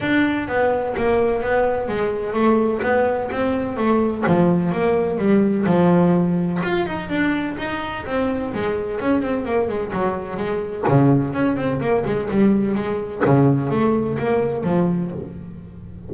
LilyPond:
\new Staff \with { instrumentName = "double bass" } { \time 4/4 \tempo 4 = 127 d'4 b4 ais4 b4 | gis4 a4 b4 c'4 | a4 f4 ais4 g4 | f2 f'8 dis'8 d'4 |
dis'4 c'4 gis4 cis'8 c'8 | ais8 gis8 fis4 gis4 cis4 | cis'8 c'8 ais8 gis8 g4 gis4 | cis4 a4 ais4 f4 | }